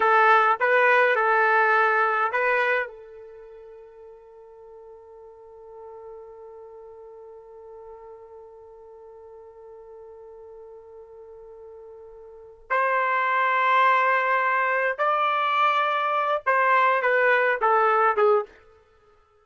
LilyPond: \new Staff \with { instrumentName = "trumpet" } { \time 4/4 \tempo 4 = 104 a'4 b'4 a'2 | b'4 a'2.~ | a'1~ | a'1~ |
a'1~ | a'2 c''2~ | c''2 d''2~ | d''8 c''4 b'4 a'4 gis'8 | }